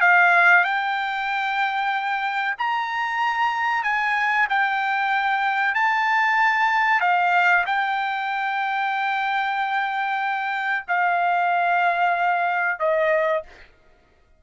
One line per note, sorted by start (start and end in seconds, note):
0.00 0.64 F5
0.64 2.55 G5
2.58 3.83 A#5
3.83 4.47 G#5
4.49 5.74 G5
5.74 7.00 A5
7.00 7.64 F5
7.66 10.85 G5
10.88 12.79 F5
12.79 13.43 D#5